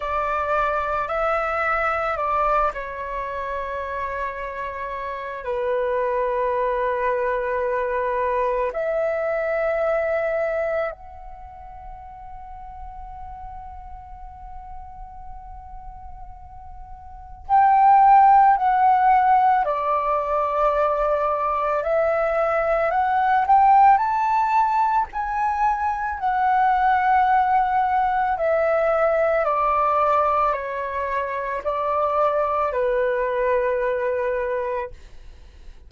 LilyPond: \new Staff \with { instrumentName = "flute" } { \time 4/4 \tempo 4 = 55 d''4 e''4 d''8 cis''4.~ | cis''4 b'2. | e''2 fis''2~ | fis''1 |
g''4 fis''4 d''2 | e''4 fis''8 g''8 a''4 gis''4 | fis''2 e''4 d''4 | cis''4 d''4 b'2 | }